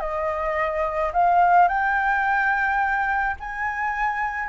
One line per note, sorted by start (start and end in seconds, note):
0.00 1.12 D#5
1.13 1.68 F5
1.68 3.36 G5
3.40 4.49 G#5